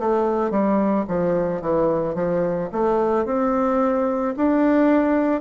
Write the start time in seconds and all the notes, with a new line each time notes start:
0.00 A3
0.51 G3
1.08 F3
1.62 E3
2.15 F3
2.73 A3
3.26 C4
4.37 D4